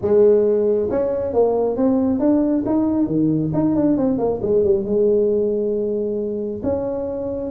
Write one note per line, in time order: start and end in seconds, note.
0.01 0.89 G#3
0.90 1.33 C#4
1.33 1.76 A#3
1.76 2.19 C4
2.19 2.64 D4
2.66 3.07 D#4
3.07 3.51 D#3
3.53 3.75 D#4
3.75 3.97 D4
3.97 4.18 C4
4.18 4.40 A#3
4.42 4.64 G#3
4.64 4.84 G3
4.84 6.61 G#3
6.63 7.50 C#4